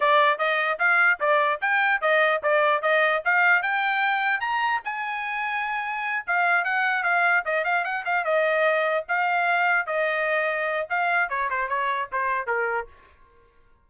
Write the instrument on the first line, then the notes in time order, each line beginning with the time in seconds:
trumpet
0.00 D5
0.38 D#5
0.79 F5
1.20 D5
1.61 G5
2.01 D#5
2.43 D5
2.82 D#5
3.25 F5
3.62 G5
4.40 A#5
4.84 G#5
6.26 F5
6.64 F#5
7.03 F5
7.45 D#5
7.64 F5
7.84 F#5
8.05 F5
8.24 D#5
9.08 F5
9.86 D#5
10.89 F5
11.29 C#5
11.50 C5
11.68 C#5
12.12 C5
12.46 A#4